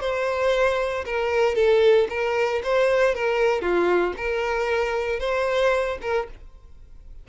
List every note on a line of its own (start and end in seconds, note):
0.00 1.04 C5
1.05 1.55 A#4
1.55 2.07 A4
2.09 2.62 A#4
2.63 3.15 C5
3.15 3.61 A#4
3.61 4.13 F4
4.16 5.19 A#4
5.19 5.98 C5
6.01 6.27 A#4